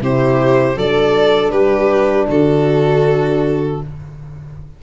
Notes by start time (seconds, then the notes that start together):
0.00 C3 E4 G4 C5
0.77 F#3 D4 A4 D5
1.51 G3 G4 B4
2.29 D3 F#4 A4